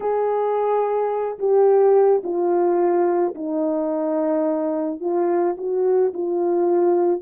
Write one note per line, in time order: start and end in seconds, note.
0.00 1.38 G#4
1.39 2.22 G4
2.23 3.34 F4
3.35 5.00 D#4
5.00 5.56 F4
5.57 6.13 F#4
6.13 7.21 F4